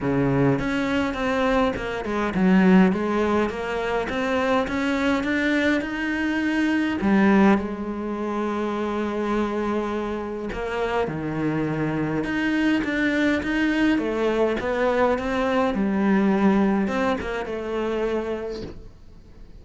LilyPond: \new Staff \with { instrumentName = "cello" } { \time 4/4 \tempo 4 = 103 cis4 cis'4 c'4 ais8 gis8 | fis4 gis4 ais4 c'4 | cis'4 d'4 dis'2 | g4 gis2.~ |
gis2 ais4 dis4~ | dis4 dis'4 d'4 dis'4 | a4 b4 c'4 g4~ | g4 c'8 ais8 a2 | }